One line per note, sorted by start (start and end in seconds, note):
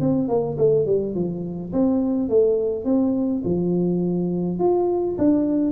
0.00 0.28 C4
0.28 0.57 A#3
0.57 0.86 A3
0.86 1.15 G3
1.15 1.72 F3
1.72 2.29 C4
2.29 2.85 A3
2.85 3.42 C4
3.45 4.59 F3
4.59 5.17 F4
5.18 5.71 D4